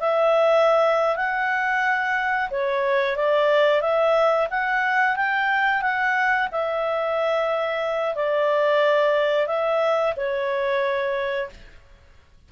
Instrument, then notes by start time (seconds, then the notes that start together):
clarinet
0.00 E5
1.16 F#5
2.50 C#5
3.16 D5
3.81 E5
4.51 F#5
5.16 G5
5.82 F#5
6.52 E5
8.15 D5
9.47 E5
10.16 C#5